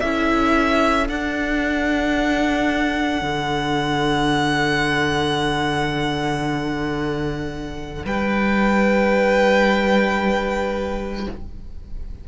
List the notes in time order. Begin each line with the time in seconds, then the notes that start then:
0.00 C#4 E4 A4 E5
1.08 D4 F#5
3.22 D3
8.05 G3 B4 G5